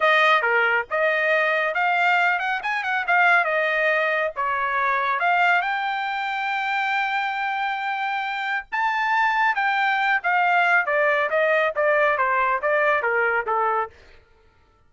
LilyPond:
\new Staff \with { instrumentName = "trumpet" } { \time 4/4 \tempo 4 = 138 dis''4 ais'4 dis''2 | f''4. fis''8 gis''8 fis''8 f''4 | dis''2 cis''2 | f''4 g''2.~ |
g''1 | a''2 g''4. f''8~ | f''4 d''4 dis''4 d''4 | c''4 d''4 ais'4 a'4 | }